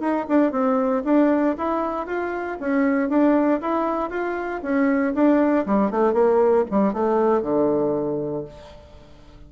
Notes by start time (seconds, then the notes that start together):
0.00 D#4
0.29 D4
0.52 C4
1.05 D4
1.58 E4
2.07 F4
2.60 C#4
3.09 D4
3.61 E4
4.10 F4
4.62 C#4
5.14 D4
5.66 G3
5.91 A3
6.14 A#3
6.71 G3
6.93 A3
7.42 D3